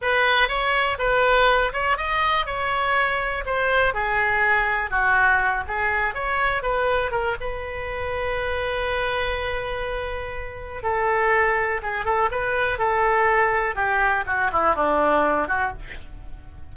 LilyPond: \new Staff \with { instrumentName = "oboe" } { \time 4/4 \tempo 4 = 122 b'4 cis''4 b'4. cis''8 | dis''4 cis''2 c''4 | gis'2 fis'4. gis'8~ | gis'8 cis''4 b'4 ais'8 b'4~ |
b'1~ | b'2 a'2 | gis'8 a'8 b'4 a'2 | g'4 fis'8 e'8 d'4. fis'8 | }